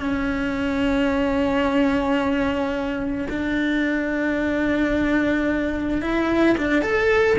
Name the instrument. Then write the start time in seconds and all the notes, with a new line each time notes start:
cello
0.00 C#4
3.30 D4
6.01 E4
6.58 D4
6.82 A4